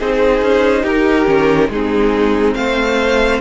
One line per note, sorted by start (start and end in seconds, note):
0.00 0.42 C4
0.00 1.26 D#4
0.00 0.83 G#4
0.00 0.85 C5
0.42 0.84 C#4
0.83 1.27 D#4
0.83 1.69 G4
0.83 1.71 A#4
1.26 1.69 D#3
1.26 1.69 C#4
1.69 2.55 G#3
1.69 3.41 C4
1.69 2.57 D#4
1.69 2.55 G#4
2.55 3.41 A3
2.55 3.41 C5
2.55 3.41 F5